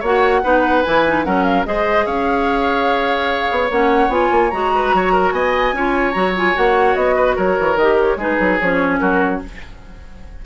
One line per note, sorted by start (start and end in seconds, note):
0.00 0.43 A#3
0.00 0.43 F#4
0.00 0.41 C#5
0.00 0.83 F#5
0.43 0.85 B3
0.43 0.84 D#4
0.43 1.25 B4
0.83 1.26 E3
0.83 1.06 E4
0.83 1.24 G#5
1.07 1.24 D#4
1.24 1.66 F#3
1.24 1.65 C#4
1.24 1.66 A#4
1.24 1.44 F#5
1.44 1.65 F5
1.66 2.06 G#3
1.66 3.70 G#4
1.66 2.06 C5
1.66 2.06 D#5
2.06 3.49 C#4
2.06 4.71 C#5
2.06 3.69 F5
3.51 3.70 B3
3.70 4.09 A#3
3.70 4.10 C#4
3.70 4.11 F#5
4.09 4.29 B3
4.09 4.51 F4
4.09 4.50 G#5
4.31 4.52 A#3
4.50 4.94 G#3
4.50 5.75 F#4
4.50 5.32 A#5
4.75 4.95 B4
4.94 5.32 F#3
4.94 5.13 C#5
5.13 5.33 A#4
5.32 5.73 B3
5.32 5.75 D#5
5.32 6.12 G#5
5.73 6.14 C#4
5.73 6.14 F4
5.73 7.16 C#5
6.12 6.56 F#3
6.12 6.34 F#4
6.12 6.32 A#5
6.36 6.55 F4
6.36 6.57 G#5
6.55 6.95 A#3
6.55 7.77 F#4
6.55 6.95 F#5
6.95 7.36 B3
6.95 7.36 D#5
7.16 7.36 B4
7.36 7.58 F#3
7.36 8.18 A#4
7.36 7.77 C#5
7.60 7.76 E3
7.76 8.16 D#3
7.76 8.18 G4
7.76 7.98 D#5
8.00 8.20 C#5
8.16 8.37 G#3
8.16 8.59 D#4
8.16 9.00 G#4
8.16 8.60 B4
8.40 8.61 F#3
8.60 9.01 F3
8.60 9.46 C#4
8.60 8.99 C#5
8.99 9.42 F#3
8.99 9.41 F#4
8.99 9.40 A#4